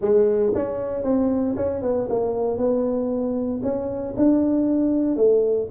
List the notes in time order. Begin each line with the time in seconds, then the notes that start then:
0.01 G#3
0.54 C#4
1.03 C4
1.56 C#4
1.82 B3
2.09 A#3
2.57 B3
3.62 C#4
4.16 D4
5.16 A3